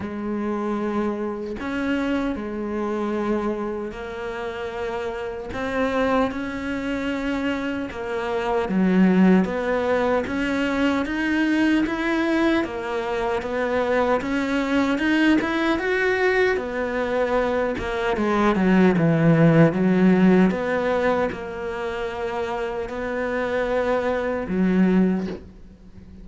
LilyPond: \new Staff \with { instrumentName = "cello" } { \time 4/4 \tempo 4 = 76 gis2 cis'4 gis4~ | gis4 ais2 c'4 | cis'2 ais4 fis4 | b4 cis'4 dis'4 e'4 |
ais4 b4 cis'4 dis'8 e'8 | fis'4 b4. ais8 gis8 fis8 | e4 fis4 b4 ais4~ | ais4 b2 fis4 | }